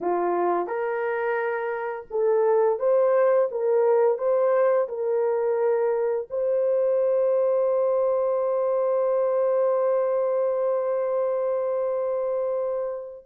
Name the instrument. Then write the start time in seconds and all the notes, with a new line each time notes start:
horn
0.00 F4
0.66 A#4
2.10 A4
2.79 C5
3.51 A#4
4.17 C5
4.88 A#4
6.29 C5